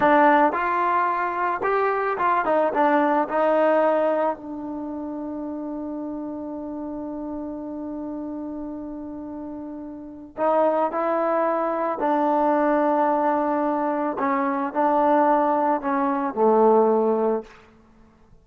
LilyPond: \new Staff \with { instrumentName = "trombone" } { \time 4/4 \tempo 4 = 110 d'4 f'2 g'4 | f'8 dis'8 d'4 dis'2 | d'1~ | d'1~ |
d'2. dis'4 | e'2 d'2~ | d'2 cis'4 d'4~ | d'4 cis'4 a2 | }